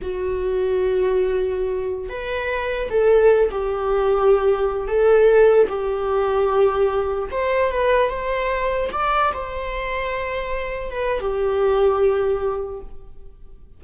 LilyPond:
\new Staff \with { instrumentName = "viola" } { \time 4/4 \tempo 4 = 150 fis'1~ | fis'4~ fis'16 b'2 a'8.~ | a'8. g'2.~ g'16~ | g'16 a'2 g'4.~ g'16~ |
g'2~ g'16 c''4 b'8.~ | b'16 c''2 d''4 c''8.~ | c''2.~ c''16 b'8. | g'1 | }